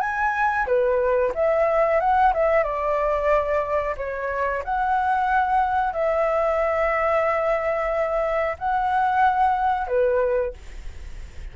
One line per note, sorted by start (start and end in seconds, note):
0.00 0.66 G#5
0.66 1.32 B4
1.35 2.00 E5
2.00 2.33 F#5
2.34 2.63 E5
2.63 3.95 D5
3.97 4.63 C#5
4.64 5.93 F#5
5.93 8.57 E5
8.58 9.88 F#5
9.88 10.53 B4